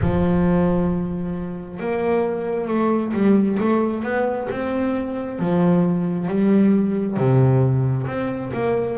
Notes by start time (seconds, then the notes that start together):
0.01 F3
1.79 A#3
2.67 A3
3.13 G3
3.59 A3
4.03 B3
4.50 C4
5.39 F3
6.27 G3
7.16 C3
8.06 C4
8.53 A#3